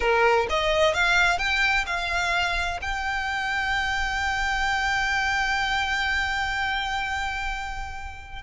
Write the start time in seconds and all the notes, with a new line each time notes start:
0.00 A#4
0.49 D#5
0.94 F5
1.38 G5
1.86 F5
2.81 G5